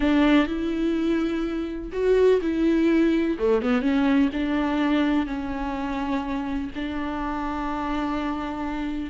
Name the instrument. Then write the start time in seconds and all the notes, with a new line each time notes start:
viola
0.00 D4
0.46 E4
1.92 F#4
2.41 E4
3.38 A3
3.62 B3
3.81 C#4
4.32 D4
5.26 C#4
6.75 D4